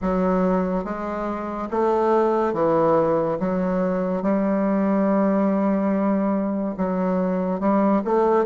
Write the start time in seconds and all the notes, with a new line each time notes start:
0.01 F#3
0.84 G#3
1.70 A3
2.53 E3
3.39 F#3
4.22 G3
6.77 F#3
7.59 G3
8.04 A3